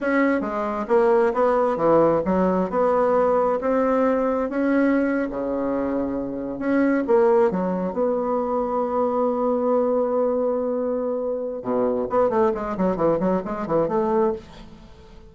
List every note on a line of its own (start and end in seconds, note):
0.00 0.41 C#4
0.41 0.85 G#3
0.88 1.32 A#3
1.33 1.76 B3
1.76 2.21 E3
2.25 2.69 F#3
2.69 3.59 B3
3.60 4.49 C4
4.49 5.28 C#4
5.30 6.58 C#3
6.58 7.03 C#4
7.07 7.50 A#3
7.50 7.93 F#3
7.93 11.62 B3
11.62 12.07 B2
12.09 12.29 B3
12.29 12.52 A3
12.54 12.76 G#3
12.77 12.96 F#3
12.96 13.19 E3
13.19 13.42 F#3
13.45 13.66 G#3
13.66 13.88 E3
13.88 14.32 A3